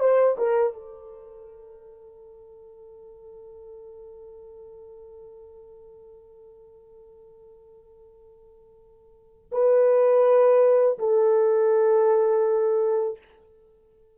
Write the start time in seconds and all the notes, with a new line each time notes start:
0.00 C5
0.38 A#4
0.73 A4
9.52 B4
10.99 A4